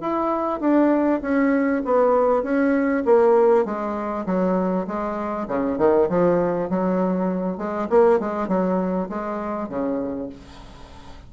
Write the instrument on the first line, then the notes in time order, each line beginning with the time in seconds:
bassoon
0.00 E4
0.60 D4
1.21 C#4
1.85 B3
2.43 C#4
3.05 A#3
3.65 G#3
4.26 F#3
4.87 G#3
5.47 C#3
5.78 D#3
6.09 F3
6.69 F#3
7.57 G#3
7.89 A#3
8.19 G#3
8.48 F#3
9.09 G#3
9.68 C#3